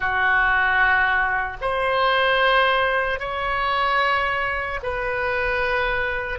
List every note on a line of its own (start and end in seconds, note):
0.00 1.57 F#4
1.61 3.19 C5
3.19 4.79 C#5
4.83 6.39 B4